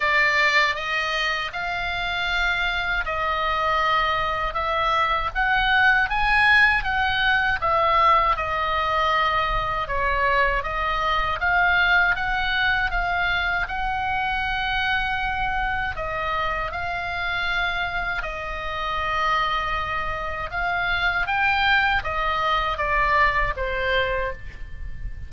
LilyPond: \new Staff \with { instrumentName = "oboe" } { \time 4/4 \tempo 4 = 79 d''4 dis''4 f''2 | dis''2 e''4 fis''4 | gis''4 fis''4 e''4 dis''4~ | dis''4 cis''4 dis''4 f''4 |
fis''4 f''4 fis''2~ | fis''4 dis''4 f''2 | dis''2. f''4 | g''4 dis''4 d''4 c''4 | }